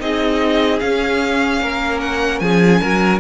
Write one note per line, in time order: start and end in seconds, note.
0.00 0.81 C4
0.00 0.80 D#4
0.00 1.62 G#4
0.00 0.80 D#5
0.80 3.21 C#4
0.80 1.62 C#4
0.80 2.00 F5
1.62 2.41 A#3
1.62 2.42 A#4
2.01 2.40 F#5
2.40 2.81 F3
2.40 2.81 G#4
2.40 3.20 G#5
2.81 3.21 F#3
2.81 3.21 A#4